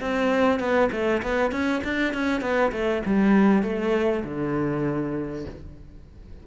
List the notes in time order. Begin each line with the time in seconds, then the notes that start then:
0.00 C4
0.59 B3
0.91 A3
1.22 B3
1.51 C#4
1.83 D4
2.13 C#4
2.41 B3
2.72 A3
3.05 G3
3.63 A3
4.24 D3